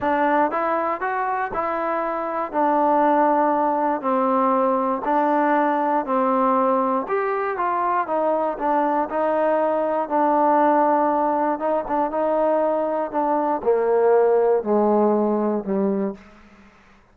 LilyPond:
\new Staff \with { instrumentName = "trombone" } { \time 4/4 \tempo 4 = 119 d'4 e'4 fis'4 e'4~ | e'4 d'2. | c'2 d'2 | c'2 g'4 f'4 |
dis'4 d'4 dis'2 | d'2. dis'8 d'8 | dis'2 d'4 ais4~ | ais4 gis2 g4 | }